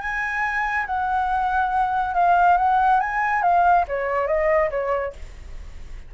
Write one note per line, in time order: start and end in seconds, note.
0.00 0.86 G#5
0.86 2.14 F#5
2.14 2.57 F5
2.57 3.00 F#5
3.00 3.42 G#5
3.42 3.85 F5
3.88 4.27 C#5
4.27 4.70 D#5
4.70 5.13 C#5